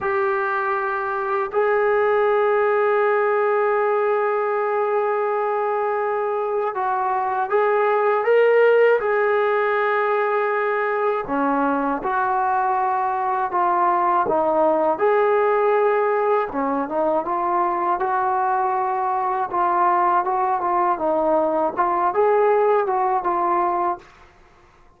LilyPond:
\new Staff \with { instrumentName = "trombone" } { \time 4/4 \tempo 4 = 80 g'2 gis'2~ | gis'1~ | gis'4 fis'4 gis'4 ais'4 | gis'2. cis'4 |
fis'2 f'4 dis'4 | gis'2 cis'8 dis'8 f'4 | fis'2 f'4 fis'8 f'8 | dis'4 f'8 gis'4 fis'8 f'4 | }